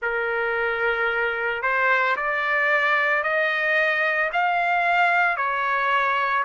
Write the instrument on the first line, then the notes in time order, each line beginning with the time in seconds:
trumpet
0.02 A#4
1.62 C5
2.16 D5
3.23 D#5
4.32 F5
5.36 C#5